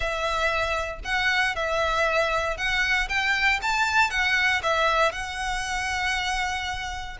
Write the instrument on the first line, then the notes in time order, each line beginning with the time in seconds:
violin
0.00 E5
1.04 F#5
1.55 E5
2.57 F#5
3.08 G5
3.62 A5
4.10 F#5
4.62 E5
5.12 F#5